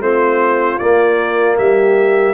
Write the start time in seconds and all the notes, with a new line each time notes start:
0.00 A3 C4 F4 C5
0.79 A#3 D5
1.58 G3 G4 E5